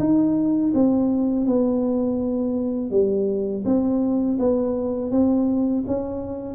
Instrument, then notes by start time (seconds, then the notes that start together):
tuba
0.00 D#4
0.75 C4
1.46 B3
2.91 G3
3.66 C4
4.39 B3
5.11 C4
5.88 C#4